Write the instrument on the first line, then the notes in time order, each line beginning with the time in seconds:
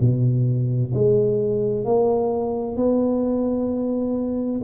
tuba
0.00 B2
0.94 G#3
1.84 A#3
2.76 B3